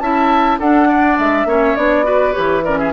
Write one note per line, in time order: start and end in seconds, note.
0.00 0.58 C#4
0.00 0.60 E4
0.00 0.59 E5
0.00 0.58 A5
0.59 1.18 D4
0.59 1.48 D4
0.59 0.88 A4
0.59 1.18 F#5
0.89 1.47 D5
1.19 1.45 G#3
1.19 1.76 E5
1.45 1.74 A#3
1.45 1.77 C#4
1.45 2.06 C#5
1.76 2.35 B3
1.76 2.04 D4
1.76 2.33 D5
2.04 2.33 F#4
2.04 2.64 B4
2.33 2.93 E3
2.33 2.62 G4
2.33 2.62 C#5
2.64 2.93 C#4
2.64 2.79 A#4
2.64 2.78 D5
2.78 2.93 G#4
2.78 2.93 E5